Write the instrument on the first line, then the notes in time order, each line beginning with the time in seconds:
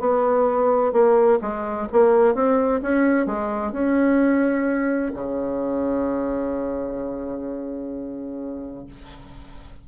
bassoon
0.00 B3
0.93 A#3
1.42 G#3
1.92 A#3
2.35 C4
2.82 C#4
3.27 G#3
3.73 C#4
5.14 C#3